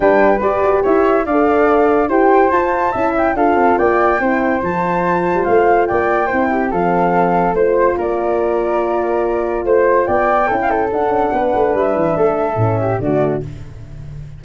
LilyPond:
<<
  \new Staff \with { instrumentName = "flute" } { \time 4/4 \tempo 4 = 143 g''4 d''4 e''4 f''4~ | f''4 g''4 a''4. g''8 | f''4 g''2 a''4~ | a''4 f''4 g''2 |
f''2 c''4 d''4~ | d''2. c''4 | g''2 fis''2 | e''2. d''4 | }
  \new Staff \with { instrumentName = "flute" } { \time 4/4 b'2 cis''4 d''4~ | d''4 c''2 e''4 | a'4 d''4 c''2~ | c''2 d''4 c''8 g'8 |
a'2 c''4 ais'4~ | ais'2. c''4 | d''4 a'16 f''16 a'4. b'4~ | b'4 a'4. g'8 fis'4 | }
  \new Staff \with { instrumentName = "horn" } { \time 4/4 d'4 g'2 a'4~ | a'4 g'4 f'4 e'4 | f'2 e'4 f'4~ | f'2. e'4 |
c'2 f'2~ | f'1~ | f'4 e'4 d'2~ | d'2 cis'4 a4 | }
  \new Staff \with { instrumentName = "tuba" } { \time 4/4 g4 g'8 fis'8 e'4 d'4~ | d'4 e'4 f'4 cis'4 | d'8 c'8 ais4 c'4 f4~ | f8. g16 a4 ais4 c'4 |
f2 a4 ais4~ | ais2. a4 | b4 cis'4 d'8 cis'8 b8 a8 | g8 e8 a4 a,4 d4 | }
>>